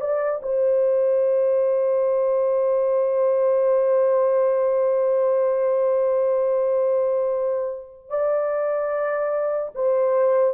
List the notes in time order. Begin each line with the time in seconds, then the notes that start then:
0.00 D5
0.42 C5
8.09 D5
9.74 C5